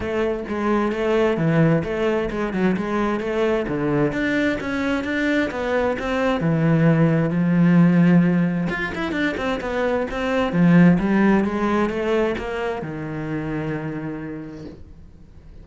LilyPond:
\new Staff \with { instrumentName = "cello" } { \time 4/4 \tempo 4 = 131 a4 gis4 a4 e4 | a4 gis8 fis8 gis4 a4 | d4 d'4 cis'4 d'4 | b4 c'4 e2 |
f2. f'8 e'8 | d'8 c'8 b4 c'4 f4 | g4 gis4 a4 ais4 | dis1 | }